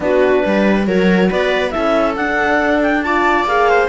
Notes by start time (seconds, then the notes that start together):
0.00 B3 D4 F#4 B4
0.43 G3 B4
0.87 F#3 F#4 A#4 C#5
1.30 B3 B4 D5
1.71 E4 A4 E5
1.77 C#4
2.15 D4 F#5
2.81 G5
3.02 F4 D5 A5
3.44 A#3 G#4 F5
3.69 C5